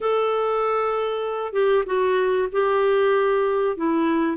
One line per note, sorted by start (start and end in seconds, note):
0.00 1.52 A4
1.52 1.84 G4
1.86 2.48 F#4
2.52 3.77 G4
3.77 4.37 E4